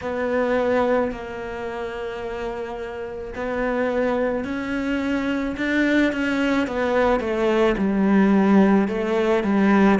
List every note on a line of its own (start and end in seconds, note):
0.01 1.11 B3
1.11 3.33 A#3
3.35 4.44 B3
4.44 5.55 C#4
5.56 6.12 D4
6.12 6.67 C#4
6.67 7.19 B3
7.19 7.75 A3
7.77 8.88 G3
8.88 9.43 A3
9.43 9.98 G3